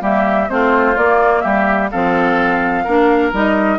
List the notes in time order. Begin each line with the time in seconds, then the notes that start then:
0.00 G3 A#3 G4 E5
0.49 A3 C4 F4 C5
0.97 A#3 D5
1.40 G3 G4 E5
1.91 F3 C4 A4 F5
2.84 A#3 D4 A#4
3.32 G3 D#4 D#5